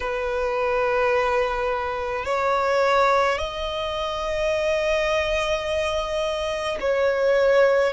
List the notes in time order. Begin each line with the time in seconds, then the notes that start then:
0.00 B4
2.25 C#5
3.38 D#5
6.80 C#5